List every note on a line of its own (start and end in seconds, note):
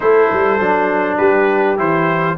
0.00 0.31 A3
0.00 0.59 E4
0.00 1.17 A4
0.00 1.17 C5
0.31 0.59 G3
0.59 1.19 F#3
0.59 1.77 D4
1.17 1.78 G3
1.17 2.36 G4
1.17 1.76 B4
1.77 2.37 E3
1.77 2.36 E4
1.77 2.37 C5